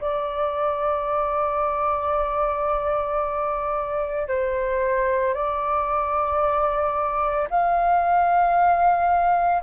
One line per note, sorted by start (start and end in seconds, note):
0.00 4.28 D5
4.28 5.34 C5
5.34 7.48 D5
7.50 9.62 F5